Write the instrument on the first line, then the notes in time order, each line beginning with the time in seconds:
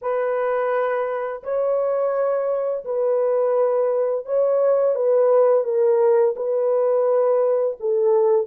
horn
0.01 B4
1.43 C#5
2.85 B4
4.25 C#5
4.95 B4
5.63 A#4
6.36 B4
7.79 A4